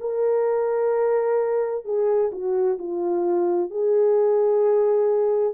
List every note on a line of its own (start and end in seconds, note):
0.00 1.84 A#4
1.84 2.30 G#4
2.32 2.78 F#4
2.78 3.70 F4
3.70 5.53 G#4